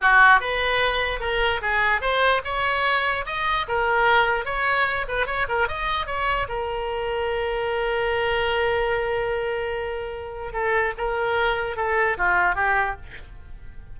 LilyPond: \new Staff \with { instrumentName = "oboe" } { \time 4/4 \tempo 4 = 148 fis'4 b'2 ais'4 | gis'4 c''4 cis''2 | dis''4 ais'2 cis''4~ | cis''8 b'8 cis''8 ais'8 dis''4 cis''4 |
ais'1~ | ais'1~ | ais'2 a'4 ais'4~ | ais'4 a'4 f'4 g'4 | }